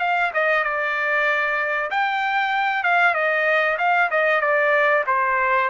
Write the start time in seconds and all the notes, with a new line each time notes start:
0.00 F5
0.34 D#5
0.64 D5
1.91 G5
2.84 F5
3.15 D#5
3.79 F5
4.11 D#5
4.41 D5
5.07 C5